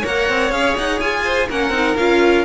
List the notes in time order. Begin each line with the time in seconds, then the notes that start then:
0.00 A#3 A#4 C#5 F#5
0.29 C4
0.50 C#4 G#4 F5
0.78 D#4 F#5
1.00 F4 G#5
1.24 C5
1.49 A#3 C#4 A#4 F#5
1.69 C4 D#4
1.96 C#4 F4 F5